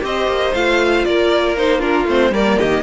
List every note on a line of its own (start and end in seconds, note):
0.00 0.26 C4
0.00 0.51 G4
0.00 1.07 C5
0.00 0.54 D#5
0.26 0.52 A#3
0.54 1.05 A3
0.54 1.57 F4
0.54 1.04 F5
1.04 2.05 A#3
1.04 1.79 A#4
1.04 1.56 D5
1.57 1.79 D#4
1.57 1.80 C5
1.79 2.05 D4
1.79 2.30 F4
1.79 2.06 A#4
2.05 2.31 A3
2.05 2.33 C4
2.05 2.34 C5
2.31 2.56 G3
2.31 2.83 A#3
2.31 2.58 A#4
2.31 2.59 D5
2.58 2.83 D#3
2.58 2.83 G4
2.58 2.83 D#5